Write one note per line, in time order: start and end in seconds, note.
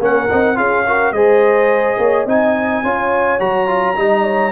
0.00 0.28 A#3
0.00 0.29 C#4
0.00 0.57 A#4
0.00 0.57 F#5
0.30 0.57 C4
0.30 0.55 D#4
0.55 1.12 C#4
0.55 0.83 F4
0.55 0.85 G#4
0.55 1.12 F5
0.87 1.15 F#4
0.87 1.14 A#4
1.12 1.96 G#3
1.12 2.28 G#4
1.12 1.98 C5
1.12 2.25 D#5
1.98 2.25 A#3
1.98 2.26 C#5
2.25 2.82 C4
2.25 2.84 D#4
2.25 2.82 D#5
2.25 3.40 G#5
2.83 3.39 C#4
2.83 3.39 F4
2.83 3.97 C#5
3.39 3.97 F#3
3.39 3.67 F#4
3.39 4.52 A#5
3.67 3.95 F4
3.96 4.52 G3
3.96 4.52 D#4
3.96 4.23 D#5
4.23 4.52 C#5